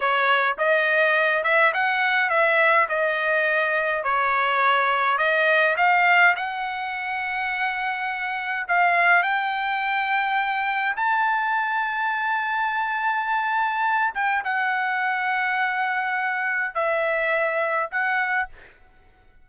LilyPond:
\new Staff \with { instrumentName = "trumpet" } { \time 4/4 \tempo 4 = 104 cis''4 dis''4. e''8 fis''4 | e''4 dis''2 cis''4~ | cis''4 dis''4 f''4 fis''4~ | fis''2. f''4 |
g''2. a''4~ | a''1~ | a''8 g''8 fis''2.~ | fis''4 e''2 fis''4 | }